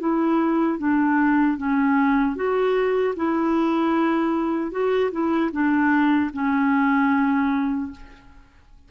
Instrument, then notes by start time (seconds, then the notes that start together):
clarinet
0.00 E4
0.79 D4
1.58 C#4
2.36 F#4
3.17 E4
4.72 F#4
5.12 E4
5.52 D4
6.34 C#4